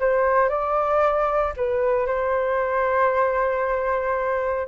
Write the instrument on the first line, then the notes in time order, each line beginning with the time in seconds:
flute
0.00 C5
0.49 D5
1.57 B4
2.07 C5